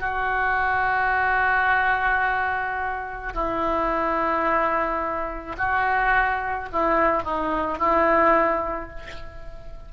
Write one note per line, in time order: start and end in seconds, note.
0.00 3.33 F#4
3.34 5.57 E4
5.58 6.69 F#4
6.73 7.24 E4
7.24 7.79 D#4
7.79 8.90 E4